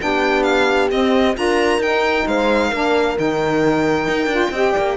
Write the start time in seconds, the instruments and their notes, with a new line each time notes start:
0.00 cello B3, saxophone D4, horn G4, violin G5
0.43 violin F5
0.91 saxophone C4, cello C4, violin D#5
1.35 cello D4, saxophone F4, horn A#4, violin A#5
1.79 cello D#4, saxophone D#4, violin G5
2.27 cello G#3, horn C5, violin F5
2.70 cello A#3, saxophone D4, horn A#4
3.17 cello D#3, saxophone D#4, violin G5
4.08 cello D#4
4.27 cello D4, saxophone F4
4.51 cello C4, saxophone G4, horn D#5
4.72 cello A#3, horn D5